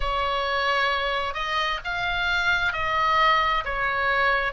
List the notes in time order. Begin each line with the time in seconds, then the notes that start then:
0.00 C#5
1.34 D#5
1.84 F5
2.73 D#5
3.64 C#5